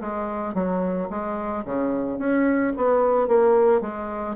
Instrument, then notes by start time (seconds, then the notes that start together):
bassoon
0.00 G#3
0.54 F#3
1.10 G#3
1.65 C#3
2.18 C#4
2.76 B3
3.28 A#3
3.81 G#3